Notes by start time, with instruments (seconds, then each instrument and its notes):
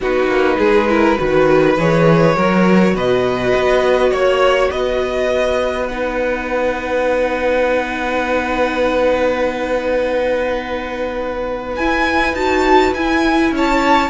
0.00 cello B3, viola D#4, violin F#4 B4
0.26 cello A#3
0.58 cello G#3, violin G#4
0.88 viola E4, violin A#4
1.16 cello D#3, viola F#4, violin B4
1.77 cello E3, viola G#4, violin C#5
2.35 cello F#3, viola F#4, violin A#4
2.94 cello B2, violin B4 D#5
3.54 cello B3
4.10 cello A#3, violin C#5
4.71 cello B3, violin B4 D#5
5.87 viola D#4, violin F#5
11.76 cello E4, viola E4, violin G#5
12.33 cello D#4, viola F#4, violin A5
12.93 cello E4, viola E4, violin G#5
13.51 cello C#4, violin C#5 A5